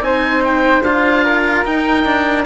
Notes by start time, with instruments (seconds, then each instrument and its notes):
0.00 bassoon C4, cello D#4, oboe G#5
0.06 flute C5
0.44 oboe G5
0.83 bassoon D4, cello F4, oboe F5
1.24 flute A#4
1.65 cello D#4, bassoon D#4, oboe G5
2.05 cello D4